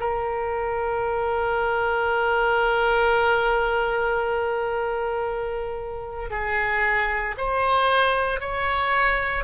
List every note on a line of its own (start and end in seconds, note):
0.00 6.31 A#4
6.31 7.36 G#4
7.38 8.41 C5
8.41 9.44 C#5